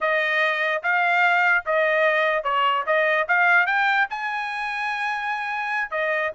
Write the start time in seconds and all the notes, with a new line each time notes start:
0.00 D#5
0.83 F5
1.65 D#5
2.43 C#5
2.86 D#5
3.28 F5
3.66 G5
4.09 G#5
5.90 D#5